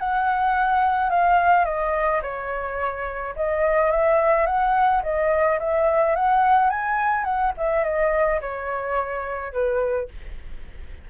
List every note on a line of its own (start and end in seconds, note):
0.00 1.10 F#5
1.10 1.65 F5
1.65 2.21 D#5
2.23 3.35 C#5
3.36 3.92 D#5
3.92 4.47 E5
4.47 5.03 F#5
5.03 5.59 D#5
5.60 6.16 E5
6.16 6.71 F#5
6.71 7.25 G#5
7.25 7.53 F#5
7.58 7.85 E5
7.85 8.41 D#5
8.41 9.53 C#5
9.53 10.09 B4